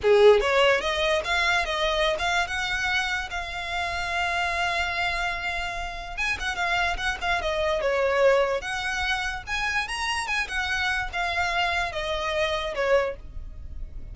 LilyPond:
\new Staff \with { instrumentName = "violin" } { \time 4/4 \tempo 4 = 146 gis'4 cis''4 dis''4 f''4 | dis''4~ dis''16 f''8. fis''2 | f''1~ | f''2. gis''8 fis''8 |
f''4 fis''8 f''8 dis''4 cis''4~ | cis''4 fis''2 gis''4 | ais''4 gis''8 fis''4. f''4~ | f''4 dis''2 cis''4 | }